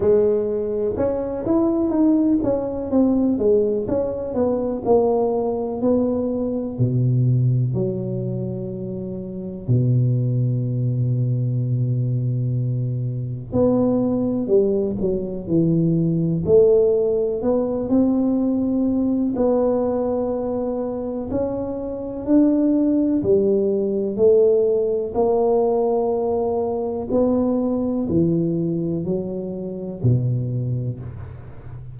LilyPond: \new Staff \with { instrumentName = "tuba" } { \time 4/4 \tempo 4 = 62 gis4 cis'8 e'8 dis'8 cis'8 c'8 gis8 | cis'8 b8 ais4 b4 b,4 | fis2 b,2~ | b,2 b4 g8 fis8 |
e4 a4 b8 c'4. | b2 cis'4 d'4 | g4 a4 ais2 | b4 e4 fis4 b,4 | }